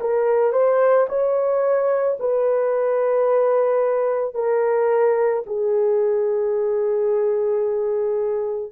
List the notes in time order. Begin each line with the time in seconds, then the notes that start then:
0.00 A#4
0.52 C5
1.09 C#5
2.20 B4
4.34 A#4
5.46 G#4